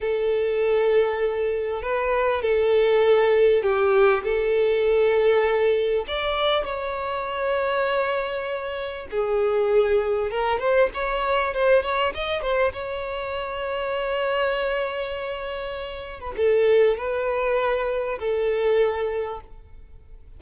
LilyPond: \new Staff \with { instrumentName = "violin" } { \time 4/4 \tempo 4 = 99 a'2. b'4 | a'2 g'4 a'4~ | a'2 d''4 cis''4~ | cis''2. gis'4~ |
gis'4 ais'8 c''8 cis''4 c''8 cis''8 | dis''8 c''8 cis''2.~ | cis''2~ cis''8. b'16 a'4 | b'2 a'2 | }